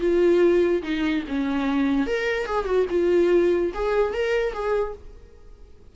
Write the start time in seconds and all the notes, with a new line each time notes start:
0.00 F4
0.83 D#4
1.28 C#4
2.06 A#4
2.46 G#4
2.65 F#4
2.90 F4
3.74 G#4
4.13 A#4
4.53 G#4